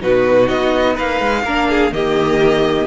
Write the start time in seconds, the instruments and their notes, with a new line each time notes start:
0.00 cello B2, viola D#4, violin F#4 B4
0.48 cello B3, violin D#5
0.94 cello A#3, violin B4 F5
1.20 cello G#3
1.43 cello A#3, viola D4, violin A#4
1.69 violin G#4
1.91 cello D#3, viola A#3, violin G4 D#5